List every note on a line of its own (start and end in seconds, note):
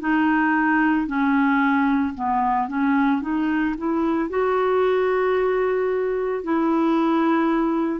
0.00 1.07 D#4
1.07 2.14 C#4
2.14 2.68 B3
2.68 3.21 C#4
3.21 3.75 D#4
3.77 4.30 E4
4.30 6.44 F#4
6.44 8.00 E4